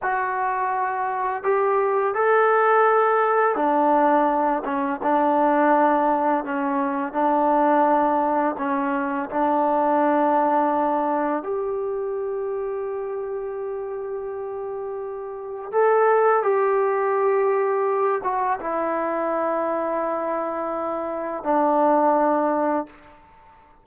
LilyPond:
\new Staff \with { instrumentName = "trombone" } { \time 4/4 \tempo 4 = 84 fis'2 g'4 a'4~ | a'4 d'4. cis'8 d'4~ | d'4 cis'4 d'2 | cis'4 d'2. |
g'1~ | g'2 a'4 g'4~ | g'4. fis'8 e'2~ | e'2 d'2 | }